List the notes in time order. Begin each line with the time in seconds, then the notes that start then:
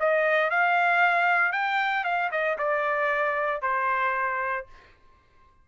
0.00 D#5
0.51 F5
1.52 G5
2.04 F5
2.32 D#5
2.58 D5
3.62 C5